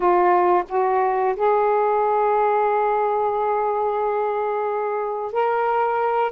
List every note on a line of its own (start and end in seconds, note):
0.00 0.63 F4
0.68 1.35 F#4
1.35 5.32 G#4
5.32 6.32 A#4